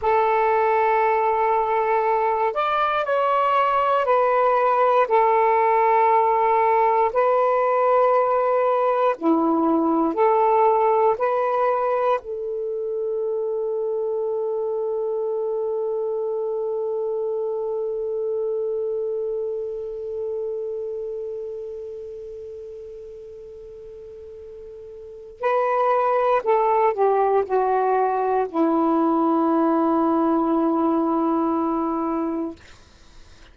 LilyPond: \new Staff \with { instrumentName = "saxophone" } { \time 4/4 \tempo 4 = 59 a'2~ a'8 d''8 cis''4 | b'4 a'2 b'4~ | b'4 e'4 a'4 b'4 | a'1~ |
a'1~ | a'1~ | a'4 b'4 a'8 g'8 fis'4 | e'1 | }